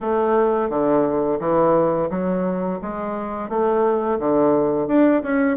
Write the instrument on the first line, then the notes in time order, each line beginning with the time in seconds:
bassoon
0.00 A3
0.69 D3
1.39 E3
2.10 F#3
2.81 G#3
3.49 A3
4.19 D3
4.87 D4
5.22 C#4